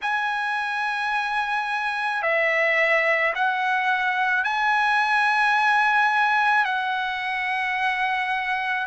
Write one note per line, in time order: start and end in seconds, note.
0.01 2.22 G#5
2.22 3.33 E5
3.34 4.43 F#5
4.43 6.64 G#5
6.64 8.86 F#5